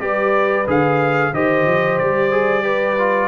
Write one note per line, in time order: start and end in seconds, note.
0.00 0.66 G3
0.00 0.66 G4
0.00 1.33 B4
0.00 0.66 D5
0.67 1.33 D3
0.67 1.33 G#4
0.67 1.34 F5
1.33 1.66 D#3
1.33 2.31 G4
1.33 2.63 C5
1.33 1.98 D#5
1.66 1.99 F3
1.98 3.28 G3
1.98 3.28 D5
2.31 2.63 G#4
2.63 2.96 G4
2.63 3.28 B4
2.98 3.28 F4